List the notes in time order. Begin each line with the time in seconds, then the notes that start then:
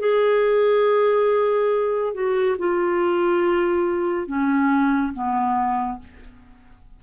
0.00 G#4
2.14 F#4
2.59 F4
4.27 C#4
5.14 B3